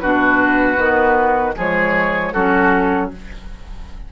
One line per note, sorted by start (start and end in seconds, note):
0.00 0.78 B2
0.00 0.77 D4
0.00 1.56 F#4
0.00 1.54 B4
0.77 1.55 D#3
0.77 1.54 B3
1.56 2.34 F3
1.56 2.33 G#3
1.56 2.33 G#4
1.56 2.34 C#5
2.33 3.12 F#3
2.33 3.12 C#4
2.33 3.10 F#4
2.33 3.11 A4